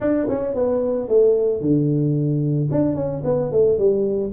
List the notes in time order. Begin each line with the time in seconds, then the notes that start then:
0.00 D4
0.29 C#4
0.54 B3
1.08 A3
1.61 D3
2.71 D4
2.95 C#4
3.24 B3
3.51 A3
3.78 G3